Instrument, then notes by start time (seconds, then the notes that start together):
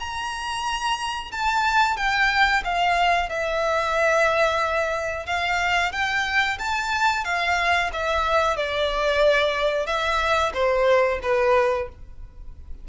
violin
0.00 A#5
1.32 A5
1.97 G5
2.65 F5
3.30 E5
5.27 F5
5.93 G5
6.59 A5
7.25 F5
7.93 E5
8.57 D5
9.87 E5
10.54 C5
11.23 B4